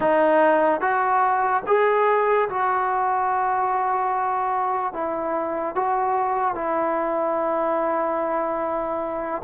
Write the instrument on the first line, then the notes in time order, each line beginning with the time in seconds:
trombone
0.00 D#4
0.80 F#4
1.66 G#4
2.49 F#4
4.93 E4
5.75 F#4
6.54 E4